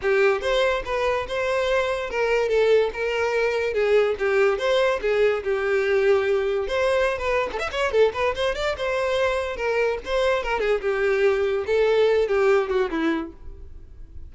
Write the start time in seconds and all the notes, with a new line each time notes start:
0.02 G4
0.41 C5
0.85 B4
1.27 C5
2.10 A#4
2.48 A4
2.93 A#4
3.73 G#4
4.19 G4
4.58 C5
5.01 G#4
5.43 G4
6.67 C5
7.18 B4
7.52 A4
7.59 E5
7.71 C#5
7.91 A4
8.13 B4
8.35 C5
8.55 D5
8.77 C5
9.56 A#4
10.05 C5
10.43 A#4
10.60 G#4
10.81 G4
11.66 A4
12.27 G4
12.69 F#4
12.90 E4